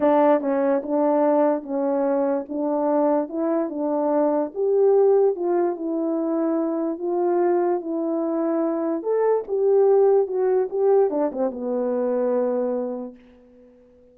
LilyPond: \new Staff \with { instrumentName = "horn" } { \time 4/4 \tempo 4 = 146 d'4 cis'4 d'2 | cis'2 d'2 | e'4 d'2 g'4~ | g'4 f'4 e'2~ |
e'4 f'2 e'4~ | e'2 a'4 g'4~ | g'4 fis'4 g'4 d'8 c'8 | b1 | }